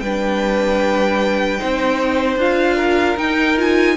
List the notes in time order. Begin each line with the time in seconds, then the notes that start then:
0.00 G3 D4 B4 G5
1.59 C4 D#4 C5
2.36 D4 F4 F5
2.76 A#4
3.17 D#4 G5
3.57 F4 G#5